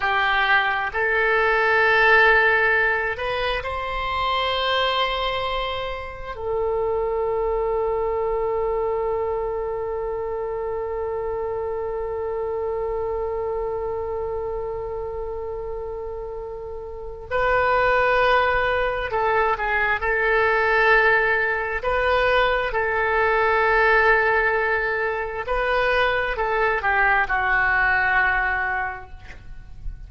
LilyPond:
\new Staff \with { instrumentName = "oboe" } { \time 4/4 \tempo 4 = 66 g'4 a'2~ a'8 b'8 | c''2. a'4~ | a'1~ | a'1~ |
a'2. b'4~ | b'4 a'8 gis'8 a'2 | b'4 a'2. | b'4 a'8 g'8 fis'2 | }